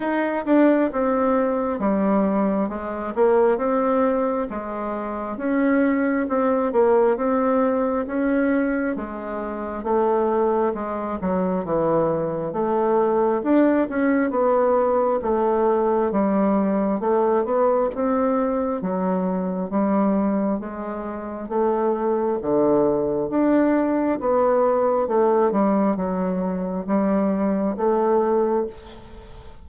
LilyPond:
\new Staff \with { instrumentName = "bassoon" } { \time 4/4 \tempo 4 = 67 dis'8 d'8 c'4 g4 gis8 ais8 | c'4 gis4 cis'4 c'8 ais8 | c'4 cis'4 gis4 a4 | gis8 fis8 e4 a4 d'8 cis'8 |
b4 a4 g4 a8 b8 | c'4 fis4 g4 gis4 | a4 d4 d'4 b4 | a8 g8 fis4 g4 a4 | }